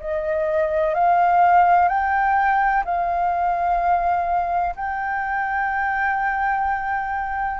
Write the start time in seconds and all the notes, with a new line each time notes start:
0.00 D#5
0.94 F5
1.88 G5
2.84 F5
4.75 G5